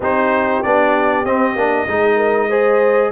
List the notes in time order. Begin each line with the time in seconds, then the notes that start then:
0.00 C4 D#4 G4 C5
0.62 B3 D4 D5
1.25 C4 D#5
1.55 A#3 D4
1.87 G#3 D#4 G#4
2.16 A#4
2.49 G#4 C5